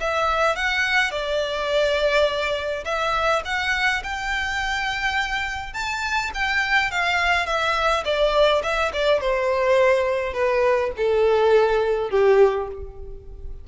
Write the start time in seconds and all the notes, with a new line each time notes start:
0.00 E5
0.56 F#5
1.11 D5
2.85 E5
3.45 F#5
4.03 G5
5.73 A5
6.35 G5
6.91 F5
7.46 E5
8.05 D5
8.63 E5
8.93 D5
9.21 C5
10.33 B4
10.97 A4
12.10 G4